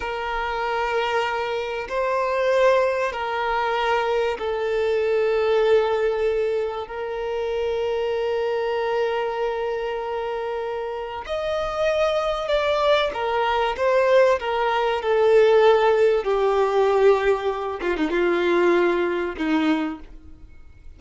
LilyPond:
\new Staff \with { instrumentName = "violin" } { \time 4/4 \tempo 4 = 96 ais'2. c''4~ | c''4 ais'2 a'4~ | a'2. ais'4~ | ais'1~ |
ais'2 dis''2 | d''4 ais'4 c''4 ais'4 | a'2 g'2~ | g'8 f'16 dis'16 f'2 dis'4 | }